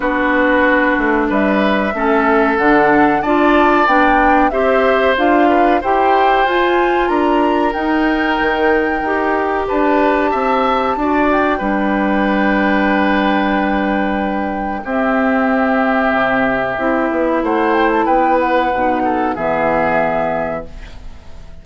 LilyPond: <<
  \new Staff \with { instrumentName = "flute" } { \time 4/4 \tempo 4 = 93 b'2 e''2 | fis''4 a''4 g''4 e''4 | f''4 g''4 gis''4 ais''4 | g''2. a''4~ |
a''4. g''2~ g''8~ | g''2. e''4~ | e''2. fis''8 g''16 a''16 | g''8 fis''4. e''2 | }
  \new Staff \with { instrumentName = "oboe" } { \time 4/4 fis'2 b'4 a'4~ | a'4 d''2 c''4~ | c''8 b'8 c''2 ais'4~ | ais'2. b'4 |
e''4 d''4 b'2~ | b'2. g'4~ | g'2. c''4 | b'4. a'8 gis'2 | }
  \new Staff \with { instrumentName = "clarinet" } { \time 4/4 d'2. cis'4 | d'4 f'4 d'4 g'4 | f'4 g'4 f'2 | dis'2 g'2~ |
g'4 fis'4 d'2~ | d'2. c'4~ | c'2 e'2~ | e'4 dis'4 b2 | }
  \new Staff \with { instrumentName = "bassoon" } { \time 4/4 b4. a8 g4 a4 | d4 d'4 b4 c'4 | d'4 e'4 f'4 d'4 | dis'4 dis4 dis'4 d'4 |
c'4 d'4 g2~ | g2. c'4~ | c'4 c4 c'8 b8 a4 | b4 b,4 e2 | }
>>